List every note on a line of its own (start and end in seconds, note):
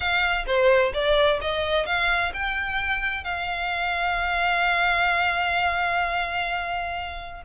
0.00 0.45 F5
0.46 0.92 C5
0.93 1.40 D5
1.41 1.86 D#5
1.86 2.32 F5
2.33 3.23 G5
3.23 7.42 F5